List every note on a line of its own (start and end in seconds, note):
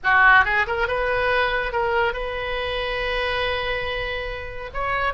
0.03 0.44 F#4
0.44 0.66 G#4
0.66 0.87 A#4
0.87 1.72 B4
1.72 2.13 A#4
2.13 4.70 B4
4.73 5.13 C#5